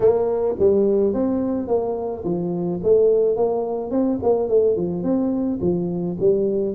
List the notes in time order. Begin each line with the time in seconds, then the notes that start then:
0.00 A#3
0.59 G3
1.13 C4
1.67 A#3
2.24 F3
2.83 A3
3.36 A#3
3.90 C4
4.22 A#3
4.49 A3
4.76 F3
5.03 C4
5.61 F3
6.19 G3